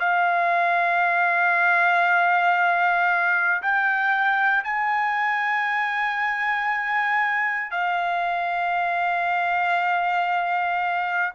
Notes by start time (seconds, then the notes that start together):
0.00 F5
3.63 G5
4.64 G#5
7.71 F5